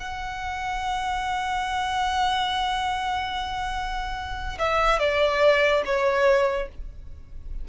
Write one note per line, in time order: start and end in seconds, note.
0.00 4.58 F#5
4.59 5.00 E5
5.00 5.83 D5
5.86 6.69 C#5